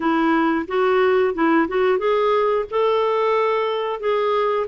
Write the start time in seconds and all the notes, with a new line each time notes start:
0.00 E4
0.67 F#4
1.34 E4
1.68 F#4
1.98 G#4
2.70 A4
3.99 G#4